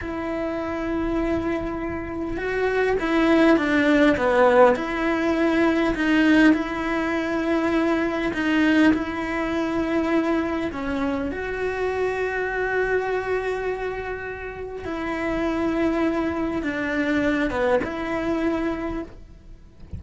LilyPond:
\new Staff \with { instrumentName = "cello" } { \time 4/4 \tempo 4 = 101 e'1 | fis'4 e'4 d'4 b4 | e'2 dis'4 e'4~ | e'2 dis'4 e'4~ |
e'2 cis'4 fis'4~ | fis'1~ | fis'4 e'2. | d'4. b8 e'2 | }